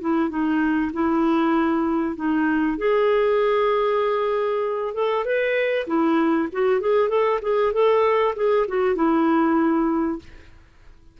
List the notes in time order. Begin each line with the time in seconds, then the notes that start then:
0.00 E4
0.29 D#4
0.93 E4
2.15 D#4
2.78 G#4
4.94 A4
5.24 B4
5.87 E4
6.52 F#4
6.80 G#4
7.09 A4
7.41 G#4
7.72 A4
8.35 G#4
8.67 F#4
8.95 E4